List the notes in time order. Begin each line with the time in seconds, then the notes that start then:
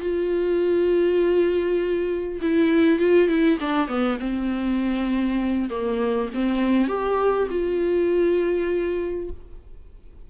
0.00 F4
2.41 E4
2.99 F4
3.28 E4
3.60 D4
3.88 B3
4.19 C4
5.69 A#3
6.34 C4
6.88 G4
7.50 F4